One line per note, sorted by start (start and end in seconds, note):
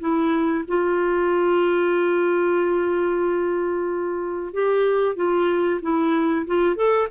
0.00 0.65 E4
0.68 4.54 F4
4.54 5.16 G4
5.16 5.81 F4
5.82 6.47 E4
6.47 6.76 F4
6.76 7.08 A4